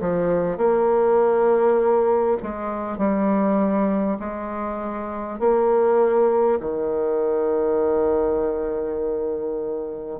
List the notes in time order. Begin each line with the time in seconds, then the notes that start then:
0.00 F3
0.57 A#3
2.43 G#3
2.98 G3
4.19 G#3
5.39 A#3
6.60 D#3